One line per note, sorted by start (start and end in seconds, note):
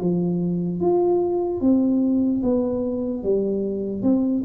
0.00 0.80 F3
0.80 1.61 F4
1.61 2.42 C4
2.43 3.23 B3
3.23 4.02 G3
4.02 4.43 C4